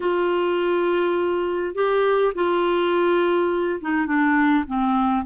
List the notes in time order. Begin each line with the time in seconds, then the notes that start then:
0.00 F4
1.74 G4
2.34 F4
3.80 D#4
4.06 D4
4.67 C4